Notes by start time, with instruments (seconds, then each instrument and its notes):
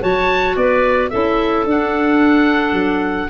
0.00 tuba F#3, clarinet F#4 C#5, oboe A5
0.56 tuba B3, clarinet B4, oboe D5
1.09 tuba C#4, clarinet E4 A4, oboe E5
1.66 tuba D4, clarinet D4, oboe F#5
2.72 tuba F#3